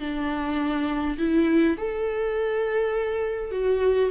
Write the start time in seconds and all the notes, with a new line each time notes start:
0.00 D4
1.18 E4
1.77 A4
3.52 F#4